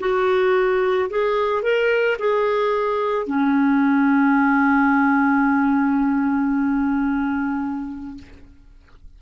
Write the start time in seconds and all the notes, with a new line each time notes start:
0.00 F#4
1.10 G#4
1.63 A#4
2.19 G#4
3.27 C#4